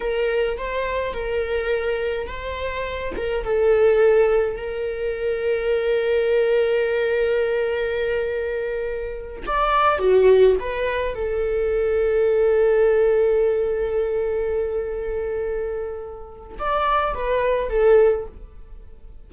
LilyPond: \new Staff \with { instrumentName = "viola" } { \time 4/4 \tempo 4 = 105 ais'4 c''4 ais'2 | c''4. ais'8 a'2 | ais'1~ | ais'1~ |
ais'8 d''4 fis'4 b'4 a'8~ | a'1~ | a'1~ | a'4 d''4 b'4 a'4 | }